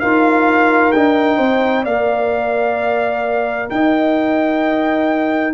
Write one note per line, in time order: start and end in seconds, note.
0.00 0.94 D#4
0.00 0.93 F4
0.00 1.37 A#4
0.00 0.92 F5
0.92 1.39 D4
0.92 1.86 D#4
0.92 1.84 G5
1.37 1.85 C4
1.37 1.83 C5
1.83 3.70 A#3
1.83 5.54 A#4
1.83 3.68 D5
1.83 3.70 F5
3.70 5.54 D#4
3.70 5.54 D#5
3.70 5.54 G5